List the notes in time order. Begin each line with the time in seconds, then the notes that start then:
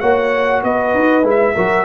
0.00 A#3 F#4 C#5 F#5
0.64 B3 B4 D#5
0.95 D#4
1.23 G#3 E4
1.30 E5
1.55 F#3 F#4 A#4